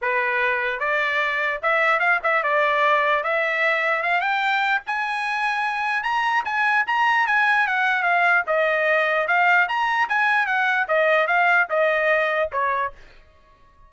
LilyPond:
\new Staff \with { instrumentName = "trumpet" } { \time 4/4 \tempo 4 = 149 b'2 d''2 | e''4 f''8 e''8 d''2 | e''2 f''8 g''4. | gis''2. ais''4 |
gis''4 ais''4 gis''4 fis''4 | f''4 dis''2 f''4 | ais''4 gis''4 fis''4 dis''4 | f''4 dis''2 cis''4 | }